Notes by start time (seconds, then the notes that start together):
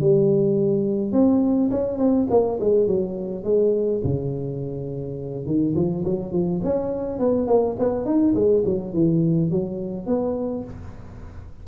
0.00 G3
1.12 C4
1.71 C#4
1.98 C4
2.30 A#3
2.60 G#3
2.87 F#3
3.44 G#3
4.04 C#3
5.46 D#3
5.75 F3
6.05 F#3
6.32 F3
6.64 C#4
7.19 B3
7.47 A#3
7.79 B3
8.05 D#4
8.34 G#3
8.65 F#3
8.93 E3
9.50 F#3
10.06 B3